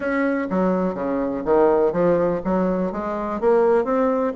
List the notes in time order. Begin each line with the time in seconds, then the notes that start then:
0.00 C#4
0.50 F#3
0.94 C#3
1.44 D#3
1.92 F3
2.44 F#3
2.92 G#3
3.40 A#3
3.84 C4